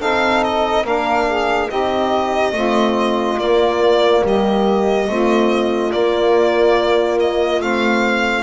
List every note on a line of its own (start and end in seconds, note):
0.00 0.85 C4
0.00 0.87 D#4
0.00 0.83 A4
0.00 0.44 F5
0.44 0.86 D#5
0.83 1.69 A#3
0.83 1.71 D4
0.83 1.25 A#4
0.83 1.70 F5
1.29 1.69 G#4
1.69 2.52 C4
1.69 2.55 D#4
1.69 2.53 G4
1.69 3.39 D#5
2.52 3.37 A3
2.52 3.39 C4
2.52 4.23 F4
3.38 4.22 A#3
3.38 5.08 A#3
3.38 4.24 D5
4.24 5.08 G3
4.24 5.09 G4
4.24 5.92 D#5
5.08 5.93 A3
5.08 5.92 C4
5.08 8.43 F4
5.92 7.61 A#3
5.92 7.62 A#3
5.92 7.19 D5
7.20 7.62 D#5
7.61 8.43 A3
7.61 8.43 C4
7.61 8.43 F5